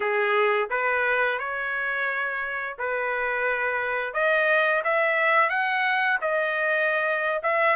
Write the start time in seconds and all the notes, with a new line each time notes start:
0.00 G#4
0.70 B4
1.38 C#5
2.78 B4
4.13 D#5
4.83 E5
5.49 F#5
6.21 D#5
7.43 E5